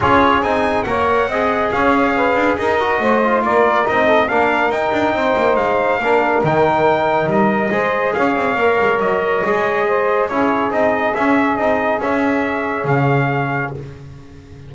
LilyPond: <<
  \new Staff \with { instrumentName = "trumpet" } { \time 4/4 \tempo 4 = 140 cis''4 gis''4 fis''2 | f''2 dis''2 | d''4 dis''4 f''4 g''4~ | g''4 f''2 g''4~ |
g''4 dis''2 f''4~ | f''4 dis''2. | cis''4 dis''4 e''4 dis''4 | e''2 f''2 | }
  \new Staff \with { instrumentName = "saxophone" } { \time 4/4 gis'2 cis''4 dis''4 | cis''4 b'4 ais'4 c''4 | ais'4. a'8 ais'2 | c''2 ais'2~ |
ais'2 c''4 cis''4~ | cis''2. c''4 | gis'1~ | gis'1 | }
  \new Staff \with { instrumentName = "trombone" } { \time 4/4 f'4 dis'4 ais'4 gis'4~ | gis'2~ gis'8 fis'4 f'8~ | f'4 dis'4 d'4 dis'4~ | dis'2 d'4 dis'4~ |
dis'2 gis'2 | ais'2 gis'2 | e'4 dis'4 cis'4 dis'4 | cis'1 | }
  \new Staff \with { instrumentName = "double bass" } { \time 4/4 cis'4 c'4 ais4 c'4 | cis'4. d'8 dis'4 a4 | ais4 c'4 ais4 dis'8 d'8 | c'8 ais8 gis4 ais4 dis4~ |
dis4 g4 gis4 cis'8 c'8 | ais8 gis8 fis4 gis2 | cis'4 c'4 cis'4 c'4 | cis'2 cis2 | }
>>